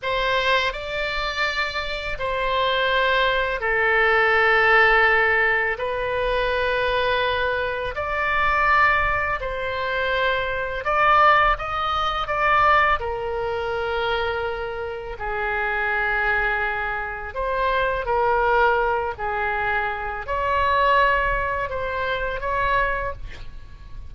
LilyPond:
\new Staff \with { instrumentName = "oboe" } { \time 4/4 \tempo 4 = 83 c''4 d''2 c''4~ | c''4 a'2. | b'2. d''4~ | d''4 c''2 d''4 |
dis''4 d''4 ais'2~ | ais'4 gis'2. | c''4 ais'4. gis'4. | cis''2 c''4 cis''4 | }